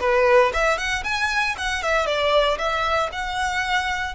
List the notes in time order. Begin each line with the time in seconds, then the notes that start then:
0.00 B4
0.53 E5
0.77 F#5
1.03 G#5
1.58 F#5
1.82 E5
2.06 D5
2.58 E5
3.12 F#5